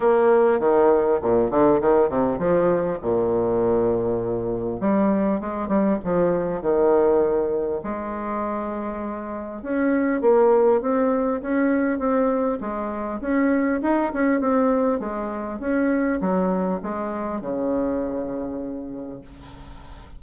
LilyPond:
\new Staff \with { instrumentName = "bassoon" } { \time 4/4 \tempo 4 = 100 ais4 dis4 ais,8 d8 dis8 c8 | f4 ais,2. | g4 gis8 g8 f4 dis4~ | dis4 gis2. |
cis'4 ais4 c'4 cis'4 | c'4 gis4 cis'4 dis'8 cis'8 | c'4 gis4 cis'4 fis4 | gis4 cis2. | }